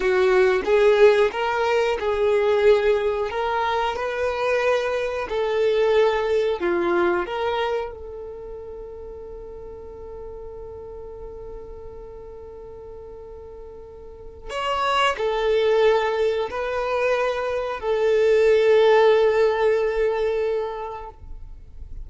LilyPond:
\new Staff \with { instrumentName = "violin" } { \time 4/4 \tempo 4 = 91 fis'4 gis'4 ais'4 gis'4~ | gis'4 ais'4 b'2 | a'2 f'4 ais'4 | a'1~ |
a'1~ | a'2 cis''4 a'4~ | a'4 b'2 a'4~ | a'1 | }